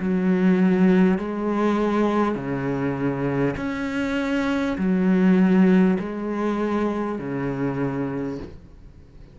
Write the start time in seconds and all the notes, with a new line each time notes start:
0.00 F#3
1.18 G#3
2.35 C#3
3.57 C#4
4.78 F#3
5.99 G#3
7.18 C#3